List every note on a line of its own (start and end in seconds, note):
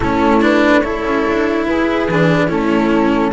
0.00 1.03 A3
0.00 0.41 C#4
0.00 0.84 E4
0.00 0.42 A4
0.41 0.82 D4
0.41 0.81 B4
0.81 2.08 E4
0.81 1.69 A4
0.81 1.64 C#5
1.03 1.24 C#4
1.28 1.67 D4
1.66 2.08 E4
1.66 2.47 G#4
1.66 2.49 B4
2.08 2.50 E3
2.08 2.48 D4
2.47 3.32 A3
2.47 3.31 C#4
2.47 3.31 E4
2.47 3.32 A4